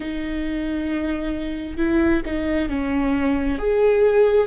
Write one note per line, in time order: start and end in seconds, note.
0.00 1.77 D#4
1.77 2.21 E4
2.26 2.69 D#4
2.69 3.58 C#4
3.58 4.47 G#4